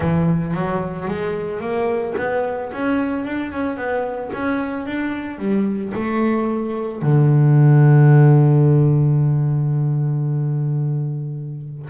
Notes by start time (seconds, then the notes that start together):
0.00 E3
0.54 F#3
1.08 G#3
1.60 A#3
2.17 B3
2.72 C#4
3.25 D4
3.51 C#4
3.76 B3
4.33 C#4
4.86 D4
5.38 G3
5.94 A3
7.01 D3